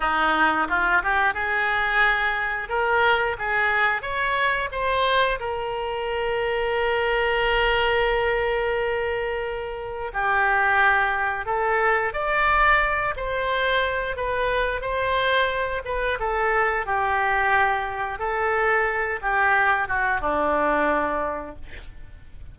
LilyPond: \new Staff \with { instrumentName = "oboe" } { \time 4/4 \tempo 4 = 89 dis'4 f'8 g'8 gis'2 | ais'4 gis'4 cis''4 c''4 | ais'1~ | ais'2. g'4~ |
g'4 a'4 d''4. c''8~ | c''4 b'4 c''4. b'8 | a'4 g'2 a'4~ | a'8 g'4 fis'8 d'2 | }